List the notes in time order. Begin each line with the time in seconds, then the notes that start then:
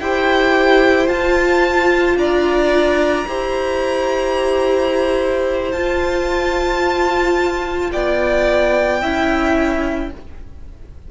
0.00 E4 G4 C5 G5
1.07 F4 A5
2.16 D4 D5 A#5
3.27 E4 G4 C5
5.72 F4 A5
7.92 B3 D5 G5
9.01 C#4 E4 E5